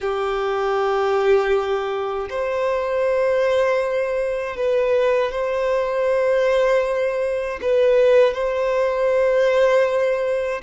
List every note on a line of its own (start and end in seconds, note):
0.00 2.28 G4
2.29 4.56 C5
4.56 5.31 B4
5.31 7.59 C5
7.61 8.33 B4
8.33 10.61 C5